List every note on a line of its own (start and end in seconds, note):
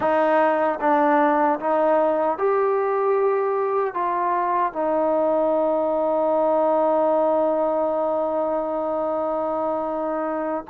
0.00 0.79 D#4
0.80 1.59 D4
1.59 2.38 D#4
2.38 3.94 G4
3.94 4.72 F4
4.72 10.64 D#4